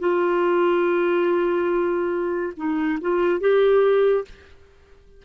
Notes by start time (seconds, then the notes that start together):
0.00 F4
2.57 D#4
3.02 F4
3.41 G4